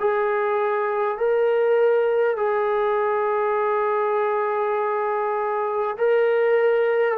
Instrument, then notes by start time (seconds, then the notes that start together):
trombone
0.00 G#4
1.18 A#4
2.37 G#4
5.98 A#4